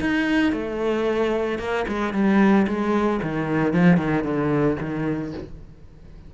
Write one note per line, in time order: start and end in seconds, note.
0.00 0.52 D#4
0.52 1.58 A3
1.58 1.85 A#3
1.88 2.13 G#3
2.13 2.66 G3
2.67 3.20 G#3
3.22 3.73 D#3
3.73 3.97 F3
3.97 4.24 D#3
4.24 4.77 D3
4.80 5.33 D#3